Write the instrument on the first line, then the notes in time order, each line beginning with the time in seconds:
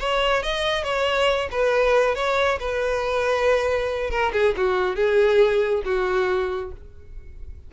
violin
0.00 C#5
0.43 D#5
0.84 C#5
1.52 B4
2.16 C#5
2.60 B4
4.11 A#4
4.33 G#4
4.57 F#4
4.96 G#4
5.85 F#4